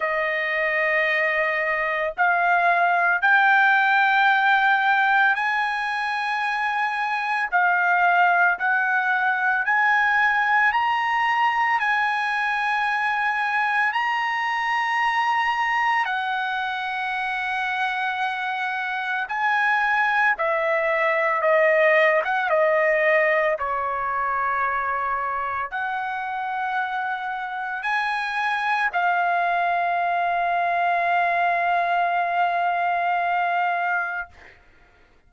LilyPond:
\new Staff \with { instrumentName = "trumpet" } { \time 4/4 \tempo 4 = 56 dis''2 f''4 g''4~ | g''4 gis''2 f''4 | fis''4 gis''4 ais''4 gis''4~ | gis''4 ais''2 fis''4~ |
fis''2 gis''4 e''4 | dis''8. fis''16 dis''4 cis''2 | fis''2 gis''4 f''4~ | f''1 | }